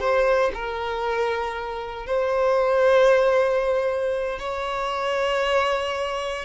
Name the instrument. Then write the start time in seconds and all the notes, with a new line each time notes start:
violin
0.00 C5
0.54 A#4
2.06 C5
4.39 C#5